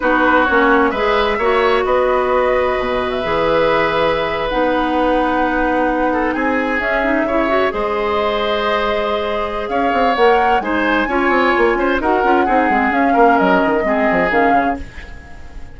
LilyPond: <<
  \new Staff \with { instrumentName = "flute" } { \time 4/4 \tempo 4 = 130 b'4 cis''4 e''2 | dis''2~ dis''8. e''4~ e''16~ | e''4.~ e''16 fis''2~ fis''16~ | fis''4.~ fis''16 gis''4 e''4~ e''16~ |
e''8. dis''2.~ dis''16~ | dis''4 f''4 fis''4 gis''4~ | gis''2 fis''2 | f''4 dis''2 f''4 | }
  \new Staff \with { instrumentName = "oboe" } { \time 4/4 fis'2 b'4 cis''4 | b'1~ | b'1~ | b'4~ b'16 a'8 gis'2 cis''16~ |
cis''8. c''2.~ c''16~ | c''4 cis''2 c''4 | cis''4. c''8 ais'4 gis'4~ | gis'8 ais'4. gis'2 | }
  \new Staff \with { instrumentName = "clarinet" } { \time 4/4 dis'4 cis'4 gis'4 fis'4~ | fis'2. gis'4~ | gis'4.~ gis'16 dis'2~ dis'16~ | dis'2~ dis'8. cis'8 dis'8 e'16~ |
e'16 fis'8 gis'2.~ gis'16~ | gis'2 ais'4 dis'4 | f'2 fis'8 f'8 dis'8 c'8 | cis'2 c'4 cis'4 | }
  \new Staff \with { instrumentName = "bassoon" } { \time 4/4 b4 ais4 gis4 ais4 | b2 b,4 e4~ | e4.~ e16 b2~ b16~ | b4.~ b16 c'4 cis'4 cis16~ |
cis8. gis2.~ gis16~ | gis4 cis'8 c'8 ais4 gis4 | cis'8 c'8 ais8 cis'8 dis'8 cis'8 c'8 gis8 | cis'8 ais8 fis8 dis8 gis8 f8 dis8 cis8 | }
>>